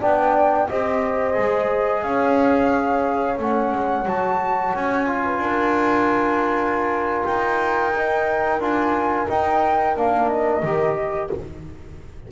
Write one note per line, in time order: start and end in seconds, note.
0.00 0.69 B3
0.00 0.67 D4
0.00 0.68 D5
0.00 0.69 G5
0.68 1.37 C4
0.68 1.33 G4
0.68 2.04 C5
0.68 2.03 D#5
1.33 2.03 G#3
1.33 3.36 G#4
2.03 3.38 C#4
2.03 5.24 C#5
2.03 3.38 F5
3.38 3.71 A3
3.38 4.06 C#4
3.38 4.07 F#5
3.72 4.05 G#3
4.05 4.72 F#3
4.05 5.06 F#4
4.05 4.75 A5
4.74 5.38 C#4
4.74 7.25 G#5
5.06 7.93 F4
5.24 5.41 B4
5.38 7.23 D4
5.38 11.31 A#4
7.25 8.60 D#4
7.25 8.60 G5
7.96 8.60 D#4
8.60 9.27 D4
8.60 9.28 F4
8.60 9.29 G#5
9.28 9.95 D#4
9.28 9.96 D#4
9.28 9.97 G5
9.95 10.62 A#3
9.95 10.63 D4
9.95 10.29 F5
10.29 11.30 D#5
10.62 11.30 D#3
10.62 11.31 G4